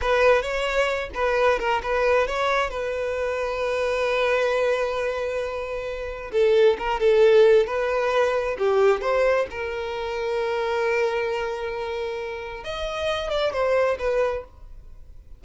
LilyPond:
\new Staff \with { instrumentName = "violin" } { \time 4/4 \tempo 4 = 133 b'4 cis''4. b'4 ais'8 | b'4 cis''4 b'2~ | b'1~ | b'2 a'4 ais'8 a'8~ |
a'4 b'2 g'4 | c''4 ais'2.~ | ais'1 | dis''4. d''8 c''4 b'4 | }